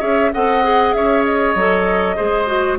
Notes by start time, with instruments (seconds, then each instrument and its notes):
0.00 bassoon C#4, clarinet G#4, oboe C#5, flute E5
0.34 bassoon C4, clarinet A4, oboe D#5, flute F#5
0.64 clarinet G#4
0.94 bassoon C#4, oboe C#5, flute E5
1.25 flute D#5
1.55 bassoon F#3, clarinet A4
2.16 bassoon G#3, clarinet G#4, oboe C5
2.47 clarinet F#4